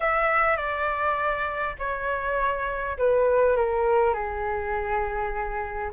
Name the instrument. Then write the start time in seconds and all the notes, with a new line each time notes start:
flute
0.00 E5
0.56 D5
1.78 C#5
2.97 B4
3.56 A#4
4.13 G#4